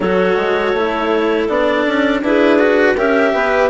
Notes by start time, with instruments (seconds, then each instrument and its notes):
0.00 bassoon F#3, cello F#4, clarinet A4 C#5
0.36 bassoon G#3
0.73 bassoon A3, cello E4
1.48 bassoon B3, cello D4, clarinet D5
1.86 bassoon C#4
2.21 bassoon D4, cello E4, clarinet G#4 B4
2.58 cello F#4
2.94 bassoon C#4, cello G4, clarinet A#4 E5
3.33 bassoon B3, clarinet B4